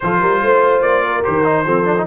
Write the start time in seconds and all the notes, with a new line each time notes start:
0.00 F3 F4 A4 C5
0.20 G3 A#4
0.42 A3 C5
0.81 A#3 D5
1.05 A#4
1.23 D#3 G4 C5
1.44 D#4
1.65 F3 C4 A4
1.85 D4
1.97 D#4